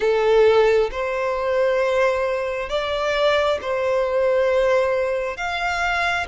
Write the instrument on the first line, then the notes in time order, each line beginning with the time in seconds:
violin
0.00 A4
0.91 C5
2.69 D5
3.61 C5
5.36 F5